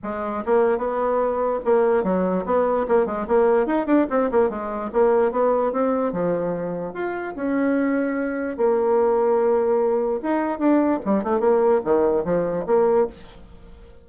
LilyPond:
\new Staff \with { instrumentName = "bassoon" } { \time 4/4 \tempo 4 = 147 gis4 ais4 b2 | ais4 fis4 b4 ais8 gis8 | ais4 dis'8 d'8 c'8 ais8 gis4 | ais4 b4 c'4 f4~ |
f4 f'4 cis'2~ | cis'4 ais2.~ | ais4 dis'4 d'4 g8 a8 | ais4 dis4 f4 ais4 | }